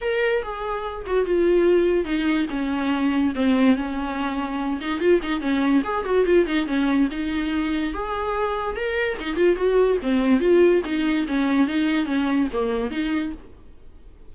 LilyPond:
\new Staff \with { instrumentName = "viola" } { \time 4/4 \tempo 4 = 144 ais'4 gis'4. fis'8 f'4~ | f'4 dis'4 cis'2 | c'4 cis'2~ cis'8 dis'8 | f'8 dis'8 cis'4 gis'8 fis'8 f'8 dis'8 |
cis'4 dis'2 gis'4~ | gis'4 ais'4 dis'8 f'8 fis'4 | c'4 f'4 dis'4 cis'4 | dis'4 cis'4 ais4 dis'4 | }